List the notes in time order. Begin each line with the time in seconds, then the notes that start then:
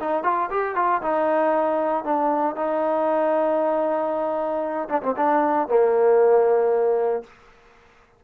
0.00 D#4
0.23 F4
0.50 G4
0.75 F4
1.02 D#4
2.04 D4
2.55 D#4
4.89 D4
5.02 C4
5.16 D4
5.68 A#3